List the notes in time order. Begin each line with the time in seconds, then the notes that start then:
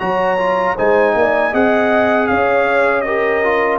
0.00 F#3 F#4 C#5 A#5
0.38 F4
0.76 G#3 D#4 C5 G#5
1.15 A#3 D5
1.51 C4 G#4 D#5 F#5
2.27 C#4 C#5 F5
3.01 G4 A#4 D#5
3.44 F4